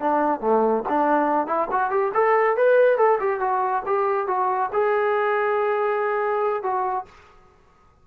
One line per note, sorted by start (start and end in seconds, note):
0.00 0.41 D4
0.41 0.83 A3
0.89 1.46 D4
1.46 1.68 E4
1.71 1.91 F#4
1.91 2.12 G4
2.14 2.57 A4
2.57 2.97 B4
2.97 3.19 A4
3.20 3.40 G4
3.40 3.83 F#4
3.86 4.27 G4
4.27 4.70 F#4
4.73 6.63 G#4
6.63 7.06 F#4